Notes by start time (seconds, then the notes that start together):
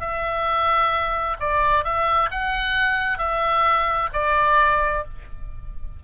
0.00 E5
1.40 D5
1.84 E5
2.31 F#5
3.18 E5
4.13 D5